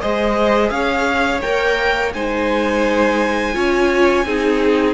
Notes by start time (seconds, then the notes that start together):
0.00 G#3 G#4 C5 D#5
0.70 C#4 C#5 F5
1.41 A#3 A#4 G5
2.13 G#3 D#4 C5 G#5
3.53 C#4 F4 C#5
4.25 C4 D#4 G#4